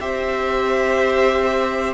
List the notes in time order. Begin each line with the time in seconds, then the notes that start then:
0.00 C4 G4 C5 E5